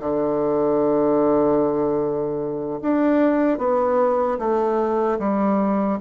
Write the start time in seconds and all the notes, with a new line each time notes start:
0.00 D3
2.82 D4
3.59 B3
4.39 A3
5.19 G3